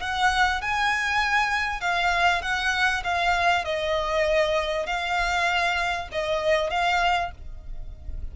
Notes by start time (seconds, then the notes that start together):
0.00 F#5
0.61 G#5
1.81 F5
2.42 F#5
3.04 F5
3.65 D#5
4.86 F5
6.12 D#5
6.70 F5